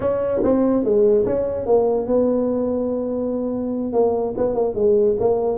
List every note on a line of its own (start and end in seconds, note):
0.00 0.41 C#4
0.43 0.84 C4
0.84 1.25 G#3
1.25 1.66 C#4
1.66 2.07 A#3
2.07 3.93 B3
3.93 4.34 A#3
4.37 4.54 B3
4.54 4.75 A#3
4.75 5.16 G#3
5.19 5.58 A#3